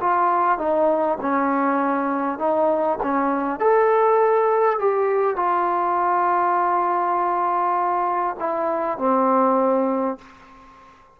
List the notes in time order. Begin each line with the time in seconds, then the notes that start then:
0.00 F4
0.58 D#4
1.21 C#4
2.38 D#4
3.02 C#4
3.59 A4
4.79 G4
5.36 F4
8.39 E4
8.98 C4